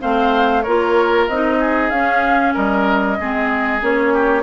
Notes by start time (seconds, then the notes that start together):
0.00 A3 C4 C5 F5
0.62 A#3 F4 A#4 C#5
1.28 C4 D#4 D#5
1.60 G#4
1.90 C#4 F5
2.54 G3 A#4 D#5
3.20 G#3 C4 G#4
3.81 A#3 C#4 C#5
4.14 G4